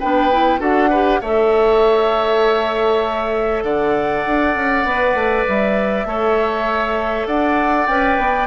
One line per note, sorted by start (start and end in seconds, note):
0.00 0.60 B3
0.00 0.32 D4
0.00 0.60 B4
0.00 0.61 G5
0.32 0.59 E4
0.59 1.21 D4
0.59 0.89 F#4
0.59 0.90 A4
0.59 1.22 F#5
0.90 1.23 G4
0.90 1.20 B4
1.21 3.63 A3
1.21 4.86 A4
1.21 3.64 C#5
1.21 3.64 E5
3.63 4.24 D3
3.63 6.08 D5
3.63 5.46 F#5
4.27 4.56 D4
4.56 4.85 C#4
4.85 5.15 B3
4.85 6.07 B4
5.15 5.45 A3
5.48 6.05 G3
5.48 7.28 E5
6.05 7.26 A3
6.05 7.89 A4
6.05 7.27 C#5
7.27 7.87 D4
7.27 8.47 D5
7.27 7.87 F#5
7.87 8.18 C#4
7.87 8.47 B4
7.87 8.47 G5
8.18 8.47 B3